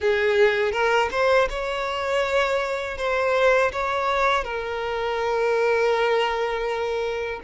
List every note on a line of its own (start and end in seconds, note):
0.00 0.72 G#4
0.72 1.09 A#4
1.11 1.48 C5
1.49 2.97 C#5
2.97 3.71 C5
3.72 4.44 C#5
4.44 7.40 A#4